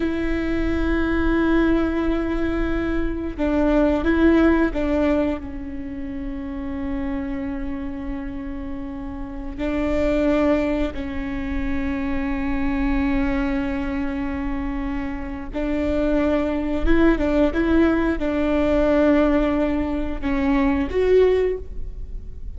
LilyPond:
\new Staff \with { instrumentName = "viola" } { \time 4/4 \tempo 4 = 89 e'1~ | e'4 d'4 e'4 d'4 | cis'1~ | cis'2~ cis'16 d'4.~ d'16~ |
d'16 cis'2.~ cis'8.~ | cis'2. d'4~ | d'4 e'8 d'8 e'4 d'4~ | d'2 cis'4 fis'4 | }